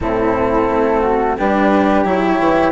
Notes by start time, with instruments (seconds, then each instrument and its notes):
0.00 bassoon A2, cello C4, flute E4 A4
0.69 bassoon A3
1.01 flute F#4
1.37 bassoon G3, cello D4, flute G4 B4
2.04 bassoon F#3, cello E4, flute C#5
2.38 bassoon E3